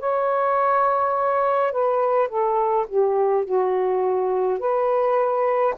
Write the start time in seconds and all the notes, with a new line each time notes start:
0.00 C#5
1.73 B4
2.29 A4
2.88 G4
3.45 F#4
4.59 B4